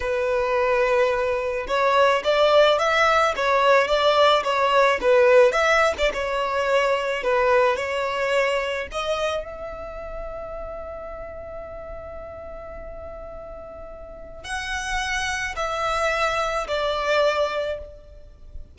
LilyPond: \new Staff \with { instrumentName = "violin" } { \time 4/4 \tempo 4 = 108 b'2. cis''4 | d''4 e''4 cis''4 d''4 | cis''4 b'4 e''8. d''16 cis''4~ | cis''4 b'4 cis''2 |
dis''4 e''2.~ | e''1~ | e''2 fis''2 | e''2 d''2 | }